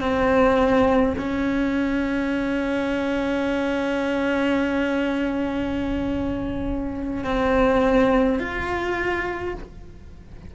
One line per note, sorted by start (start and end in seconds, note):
0.00 1.15 C4
1.18 7.24 C#4
7.24 8.39 C4
8.39 9.55 F4